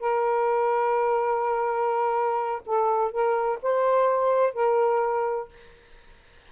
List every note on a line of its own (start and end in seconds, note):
0.00 2.62 A#4
2.66 3.12 A4
3.12 3.60 A#4
3.63 4.54 C5
4.54 5.49 A#4